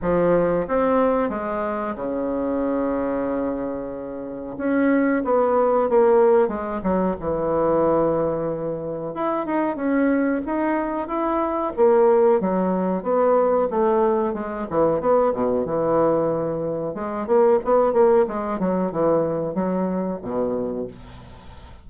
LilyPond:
\new Staff \with { instrumentName = "bassoon" } { \time 4/4 \tempo 4 = 92 f4 c'4 gis4 cis4~ | cis2. cis'4 | b4 ais4 gis8 fis8 e4~ | e2 e'8 dis'8 cis'4 |
dis'4 e'4 ais4 fis4 | b4 a4 gis8 e8 b8 b,8 | e2 gis8 ais8 b8 ais8 | gis8 fis8 e4 fis4 b,4 | }